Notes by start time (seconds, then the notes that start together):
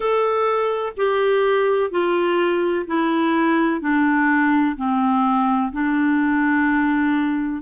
0.00 A4
0.97 G4
1.90 F4
2.87 E4
3.81 D4
4.76 C4
5.72 D4